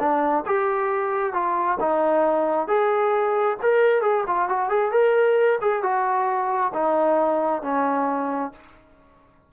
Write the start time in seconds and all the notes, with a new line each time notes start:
0.00 D4
0.47 G4
1.34 F4
1.81 D#4
2.68 G#4
3.62 A#4
4.02 G#4
4.27 F4
4.49 F#4
4.70 G#4
4.92 A#4
5.62 G#4
5.83 F#4
6.74 D#4
7.63 C#4